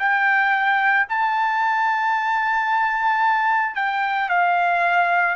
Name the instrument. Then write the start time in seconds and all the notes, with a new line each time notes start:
trumpet
0.00 G5
1.10 A5
3.76 G5
4.30 F5